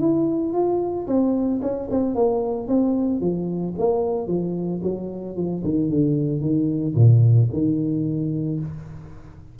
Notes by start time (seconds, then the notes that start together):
0.00 E4
0.53 F4
1.07 C4
1.62 C#4
1.91 C4
2.15 A#3
2.68 C4
3.21 F3
3.79 A#3
4.28 F3
4.83 F#3
5.36 F3
5.64 D#3
5.90 D3
6.41 D#3
6.95 A#2
7.53 D#3